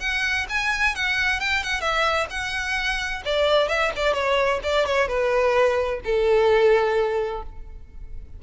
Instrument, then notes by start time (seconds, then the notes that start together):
violin
0.00 F#5
0.49 G#5
0.95 F#5
1.40 G5
1.63 F#5
1.81 E5
2.30 F#5
3.25 D5
3.69 E5
3.96 D5
4.14 C#5
4.63 D5
4.86 C#5
5.08 B4
6.04 A4